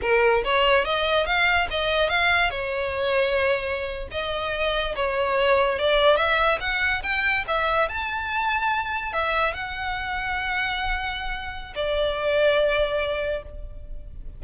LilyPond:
\new Staff \with { instrumentName = "violin" } { \time 4/4 \tempo 4 = 143 ais'4 cis''4 dis''4 f''4 | dis''4 f''4 cis''2~ | cis''4.~ cis''16 dis''2 cis''16~ | cis''4.~ cis''16 d''4 e''4 fis''16~ |
fis''8. g''4 e''4 a''4~ a''16~ | a''4.~ a''16 e''4 fis''4~ fis''16~ | fis''1 | d''1 | }